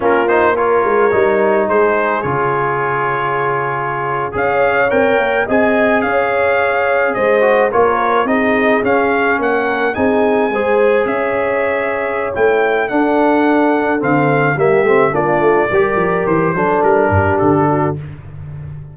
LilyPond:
<<
  \new Staff \with { instrumentName = "trumpet" } { \time 4/4 \tempo 4 = 107 ais'8 c''8 cis''2 c''4 | cis''2.~ cis''8. f''16~ | f''8. g''4 gis''4 f''4~ f''16~ | f''8. dis''4 cis''4 dis''4 f''16~ |
f''8. fis''4 gis''2 e''16~ | e''2 g''4 fis''4~ | fis''4 f''4 e''4 d''4~ | d''4 c''4 ais'4 a'4 | }
  \new Staff \with { instrumentName = "horn" } { \time 4/4 f'4 ais'2 gis'4~ | gis'2.~ gis'8. cis''16~ | cis''4.~ cis''16 dis''4 cis''4~ cis''16~ | cis''8. c''4 ais'4 gis'4~ gis'16~ |
gis'8. ais'4 gis'4 c''4 cis''16~ | cis''2. a'4~ | a'2 g'4 f'4 | ais'4. a'4 g'4 fis'8 | }
  \new Staff \with { instrumentName = "trombone" } { \time 4/4 cis'8 dis'8 f'4 dis'2 | f'2.~ f'8. gis'16~ | gis'8. ais'4 gis'2~ gis'16~ | gis'4~ gis'16 fis'8 f'4 dis'4 cis'16~ |
cis'4.~ cis'16 dis'4 gis'4~ gis'16~ | gis'2 e'4 d'4~ | d'4 c'4 ais8 c'8 d'4 | g'4. d'2~ d'8 | }
  \new Staff \with { instrumentName = "tuba" } { \time 4/4 ais4. gis8 g4 gis4 | cis2.~ cis8. cis'16~ | cis'8. c'8 ais8 c'4 cis'4~ cis'16~ | cis'8. gis4 ais4 c'4 cis'16~ |
cis'8. ais4 c'4 gis4 cis'16~ | cis'2 a4 d'4~ | d'4 d4 g8 a8 ais8 a8 | g8 f8 e8 fis8 g8 g,8 d4 | }
>>